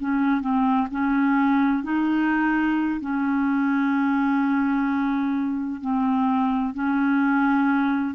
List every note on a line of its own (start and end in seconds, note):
0.00 0.41 C#4
0.41 0.88 C4
0.91 1.83 C#4
1.83 3.00 D#4
3.01 5.81 C#4
5.81 6.74 C4
6.74 8.14 C#4